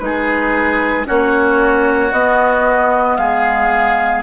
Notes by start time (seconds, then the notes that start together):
0.00 G#3 D#4 G#4 B4
1.06 A#3 C#4 F#4 C#5
2.12 B3 D#5
3.17 G#3 G#4 F5